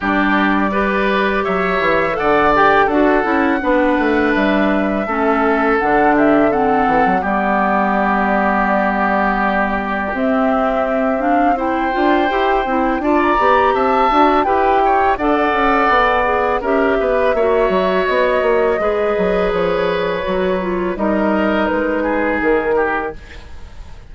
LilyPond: <<
  \new Staff \with { instrumentName = "flute" } { \time 4/4 \tempo 4 = 83 d''2 e''4 fis''8 g''8 | fis''2 e''2 | fis''8 e''8 fis''4 d''2~ | d''2 e''4. f''8 |
g''2 a''16 ais''8. a''4 | g''4 fis''2 e''4~ | e''4 dis''2 cis''4~ | cis''4 dis''4 b'4 ais'4 | }
  \new Staff \with { instrumentName = "oboe" } { \time 4/4 g'4 b'4 cis''4 d''4 | a'4 b'2 a'4~ | a'8 g'8 a'4 g'2~ | g'1 |
c''2 d''4 e''4 | b'8 cis''8 d''2 ais'8 b'8 | cis''2 b'2~ | b'4 ais'4. gis'4 g'8 | }
  \new Staff \with { instrumentName = "clarinet" } { \time 4/4 d'4 g'2 a'8 g'8 | fis'8 e'8 d'2 cis'4 | d'4 c'4 b2~ | b2 c'4. d'8 |
e'8 f'8 g'8 e'8 f'8 g'4 fis'8 | g'4 a'4. gis'8 g'4 | fis'2 gis'2 | fis'8 f'8 dis'2. | }
  \new Staff \with { instrumentName = "bassoon" } { \time 4/4 g2 fis8 e8 d4 | d'8 cis'8 b8 a8 g4 a4 | d4. e16 fis16 g2~ | g2 c'2~ |
c'8 d'8 e'8 c'8 d'8 b8 c'8 d'8 | e'4 d'8 cis'8 b4 cis'8 b8 | ais8 fis8 b8 ais8 gis8 fis8 f4 | fis4 g4 gis4 dis4 | }
>>